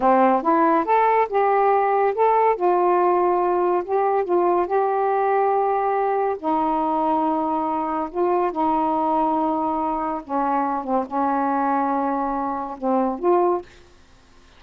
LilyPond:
\new Staff \with { instrumentName = "saxophone" } { \time 4/4 \tempo 4 = 141 c'4 e'4 a'4 g'4~ | g'4 a'4 f'2~ | f'4 g'4 f'4 g'4~ | g'2. dis'4~ |
dis'2. f'4 | dis'1 | cis'4. c'8 cis'2~ | cis'2 c'4 f'4 | }